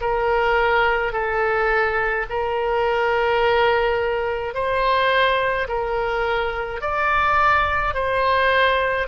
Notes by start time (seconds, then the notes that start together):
0.00 A#4
1.13 A4
2.29 A#4
4.54 C5
5.68 A#4
6.81 D5
7.94 C5